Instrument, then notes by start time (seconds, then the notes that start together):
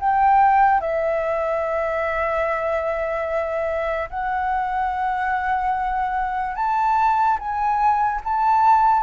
flute
0.00 G5
0.81 E5
4.10 F#5
6.55 A5
7.39 G#5
8.24 A5